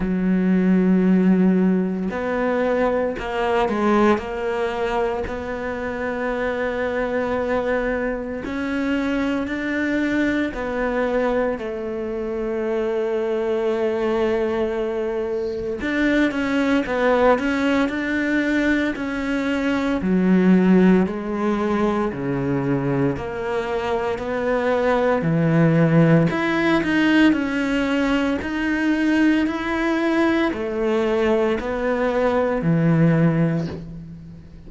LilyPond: \new Staff \with { instrumentName = "cello" } { \time 4/4 \tempo 4 = 57 fis2 b4 ais8 gis8 | ais4 b2. | cis'4 d'4 b4 a4~ | a2. d'8 cis'8 |
b8 cis'8 d'4 cis'4 fis4 | gis4 cis4 ais4 b4 | e4 e'8 dis'8 cis'4 dis'4 | e'4 a4 b4 e4 | }